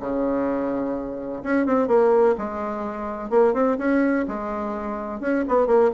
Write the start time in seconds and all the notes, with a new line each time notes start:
0.00 C#3
1.43 C#4
1.66 C4
1.88 A#3
2.38 G#3
3.30 A#3
3.54 C4
3.78 C#4
4.28 G#3
5.21 C#4
5.48 B3
5.67 A#3